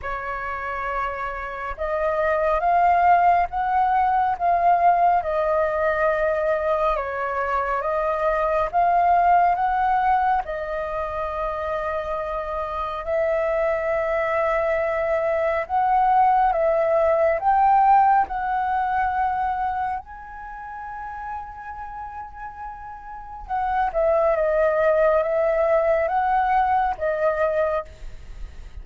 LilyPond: \new Staff \with { instrumentName = "flute" } { \time 4/4 \tempo 4 = 69 cis''2 dis''4 f''4 | fis''4 f''4 dis''2 | cis''4 dis''4 f''4 fis''4 | dis''2. e''4~ |
e''2 fis''4 e''4 | g''4 fis''2 gis''4~ | gis''2. fis''8 e''8 | dis''4 e''4 fis''4 dis''4 | }